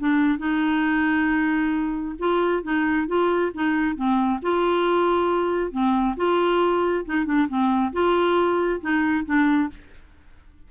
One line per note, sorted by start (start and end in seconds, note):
0.00 0.39 D4
0.39 2.16 D#4
2.20 2.64 F4
2.64 3.08 D#4
3.08 3.52 F4
3.55 3.96 D#4
3.96 4.40 C4
4.42 5.72 F4
5.72 6.16 C4
6.17 7.05 F4
7.06 7.26 D#4
7.26 7.48 D4
7.48 7.93 C4
7.93 8.81 F4
8.81 9.25 D#4
9.26 9.70 D4